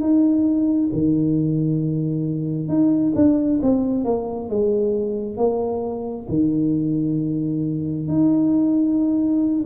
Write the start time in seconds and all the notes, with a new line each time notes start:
0.00 D#4
0.92 D#3
2.68 D#4
3.15 D4
3.62 C4
4.05 A#3
4.49 G#3
5.37 A#3
6.28 D#3
8.08 D#4